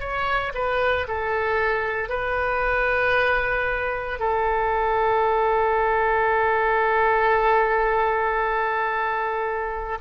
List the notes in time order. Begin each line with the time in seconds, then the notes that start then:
0.00 C#5
0.54 B4
1.08 A4
2.09 B4
4.19 A4